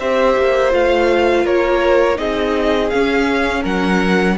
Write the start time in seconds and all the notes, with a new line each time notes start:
0.00 C4 G4 C5 E5
0.37 A#3
0.71 A3 F4 F5
1.45 A#3 A#4 C#5
2.16 C4 D#4 G#4 D#5
2.90 C#4 F5
3.62 F#3 A#4 F#5